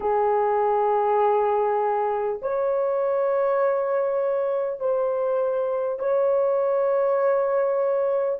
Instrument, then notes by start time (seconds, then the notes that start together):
horn
0.00 G#4
2.42 C#5
4.80 C5
5.99 C#5